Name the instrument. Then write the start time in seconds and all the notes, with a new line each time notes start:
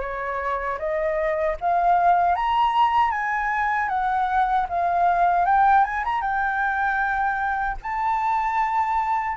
flute
0.00 C#5
0.78 D#5
1.60 F5
2.35 A#5
3.11 G#5
3.88 F#5
4.69 F5
5.45 G5
5.84 G#5
6.04 A#5
6.21 G5
7.82 A5